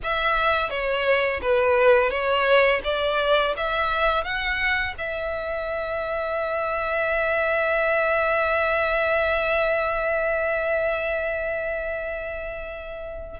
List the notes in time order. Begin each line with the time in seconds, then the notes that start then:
0.03 E5
0.70 C#5
1.41 B4
2.10 C#5
2.84 D5
3.56 E5
4.24 F#5
4.98 E5